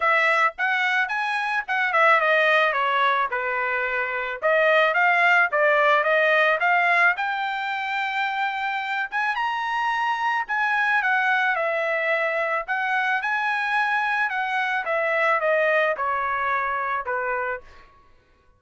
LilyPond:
\new Staff \with { instrumentName = "trumpet" } { \time 4/4 \tempo 4 = 109 e''4 fis''4 gis''4 fis''8 e''8 | dis''4 cis''4 b'2 | dis''4 f''4 d''4 dis''4 | f''4 g''2.~ |
g''8 gis''8 ais''2 gis''4 | fis''4 e''2 fis''4 | gis''2 fis''4 e''4 | dis''4 cis''2 b'4 | }